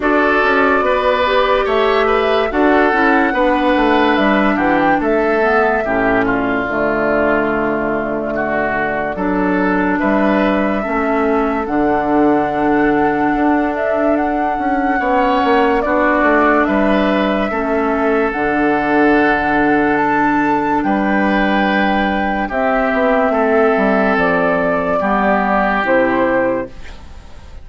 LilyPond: <<
  \new Staff \with { instrumentName = "flute" } { \time 4/4 \tempo 4 = 72 d''2 e''4 fis''4~ | fis''4 e''8 fis''16 g''16 e''4. d''8~ | d''1 | e''2 fis''2~ |
fis''8 e''8 fis''2 d''4 | e''2 fis''2 | a''4 g''2 e''4~ | e''4 d''2 c''4 | }
  \new Staff \with { instrumentName = "oboe" } { \time 4/4 a'4 b'4 cis''8 b'8 a'4 | b'4. g'8 a'4 g'8 f'8~ | f'2 fis'4 a'4 | b'4 a'2.~ |
a'2 cis''4 fis'4 | b'4 a'2.~ | a'4 b'2 g'4 | a'2 g'2 | }
  \new Staff \with { instrumentName = "clarinet" } { \time 4/4 fis'4. g'4. fis'8 e'8 | d'2~ d'8 b8 cis'4 | a2. d'4~ | d'4 cis'4 d'2~ |
d'2 cis'4 d'4~ | d'4 cis'4 d'2~ | d'2. c'4~ | c'2 b4 e'4 | }
  \new Staff \with { instrumentName = "bassoon" } { \time 4/4 d'8 cis'8 b4 a4 d'8 cis'8 | b8 a8 g8 e8 a4 a,4 | d2. fis4 | g4 a4 d2 |
d'4. cis'8 b8 ais8 b8 a8 | g4 a4 d2~ | d4 g2 c'8 b8 | a8 g8 f4 g4 c4 | }
>>